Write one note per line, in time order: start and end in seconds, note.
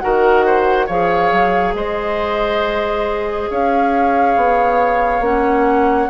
0.00 0.89 D#3
0.00 0.88 F#4
0.00 0.46 A#4
0.00 0.87 F#5
0.46 0.87 C5
0.87 1.32 F3
0.87 5.23 G#4
0.87 1.74 C#5
0.87 1.75 F5
1.32 1.75 F#3
1.75 3.49 G#3
1.75 3.51 C5
1.75 3.50 D#5
3.50 4.37 C#4
3.50 6.10 C#5
3.50 5.24 F5
4.37 5.21 B3
5.21 6.08 A#3
5.21 6.10 C#4
5.21 6.10 F#5